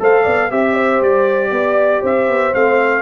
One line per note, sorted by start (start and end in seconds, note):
0.00 0.26 A3
0.00 0.51 A4
0.00 0.23 C5
0.00 0.52 F5
0.23 0.51 B3
0.23 0.49 D5
0.51 1.02 C4
0.51 2.54 G4
0.51 0.74 E5
0.51 1.03 E5
0.74 1.51 C5
1.02 1.51 G3
1.02 2.05 D5
1.51 2.02 B3
1.51 2.01 D5
2.01 2.28 C4
2.01 3.03 C5
2.01 2.54 E5
2.28 2.54 B3
2.54 3.03 A3
2.54 3.03 C4
2.54 3.03 F5